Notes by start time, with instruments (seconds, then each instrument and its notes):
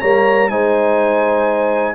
0.00 tuba G3, trombone A#3, horn C#5, trumpet A#5
0.49 tuba G#3, trombone D#4, horn C5, trumpet G#5